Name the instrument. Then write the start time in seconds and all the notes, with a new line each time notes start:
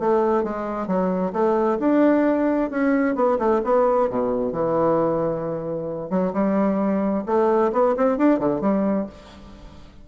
bassoon
0.00 A3
0.44 G#3
0.88 F#3
1.33 A3
1.80 D4
2.71 C#4
3.15 B3
3.39 A3
3.65 B3
4.10 B2
4.53 E3
6.11 F#3
6.34 G3
7.26 A3
7.73 B3
7.97 C4
8.18 D4
8.40 D3
8.61 G3